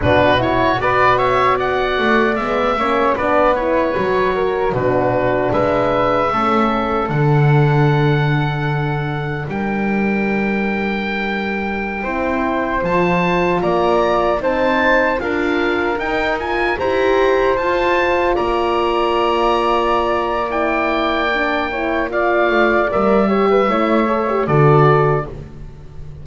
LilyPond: <<
  \new Staff \with { instrumentName = "oboe" } { \time 4/4 \tempo 4 = 76 b'8 cis''8 d''8 e''8 fis''4 e''4 | d''8 cis''4. b'4 e''4~ | e''4 fis''2. | g''1~ |
g''16 a''4 ais''4 a''4 f''8.~ | f''16 g''8 gis''8 ais''4 a''4 ais''8.~ | ais''2 g''2 | f''4 e''2 d''4 | }
  \new Staff \with { instrumentName = "flute" } { \time 4/4 fis'4 b'8 cis''8 d''4. cis''8 | b'4. ais'8 fis'4 b'4 | a'1 | ais'2.~ ais'16 c''8.~ |
c''4~ c''16 d''4 c''4 ais'8.~ | ais'4~ ais'16 c''2 d''8.~ | d''2.~ d''8 cis''8 | d''4. cis''16 b'16 cis''4 a'4 | }
  \new Staff \with { instrumentName = "horn" } { \time 4/4 d'8 e'8 fis'2 b8 cis'8 | d'8 e'8 fis'4 d'2 | cis'4 d'2.~ | d'2.~ d'16 e'8.~ |
e'16 f'2 dis'4 f'8.~ | f'16 dis'8 f'8 g'4 f'4.~ f'16~ | f'2 e'4 d'8 e'8 | f'4 ais'8 g'8 e'8 a'16 g'16 fis'4 | }
  \new Staff \with { instrumentName = "double bass" } { \time 4/4 b,4 b4. a8 gis8 ais8 | b4 fis4 b,4 gis4 | a4 d2. | g2.~ g16 c'8.~ |
c'16 f4 ais4 c'4 d'8.~ | d'16 dis'4 e'4 f'4 ais8.~ | ais1~ | ais8 a8 g4 a4 d4 | }
>>